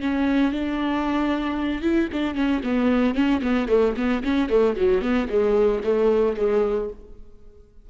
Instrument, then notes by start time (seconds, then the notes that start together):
viola
0.00 C#4
0.52 D4
1.82 E4
2.13 D4
2.35 C#4
2.64 B3
3.14 C#4
3.42 B3
3.69 A3
3.97 B3
4.24 C#4
4.49 A3
4.76 F#3
5.02 B3
5.29 G#3
5.84 A3
6.37 G#3